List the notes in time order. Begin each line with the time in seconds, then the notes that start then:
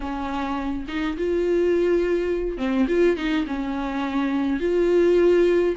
0.00 C#4
0.88 D#4
1.17 F4
2.57 C4
2.88 F4
3.17 D#4
3.46 C#4
4.59 F4